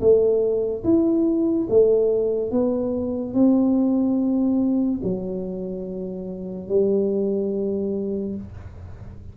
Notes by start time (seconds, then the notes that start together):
0.00 A3
0.84 E4
1.69 A3
2.51 B3
3.34 C4
5.03 F#3
6.68 G3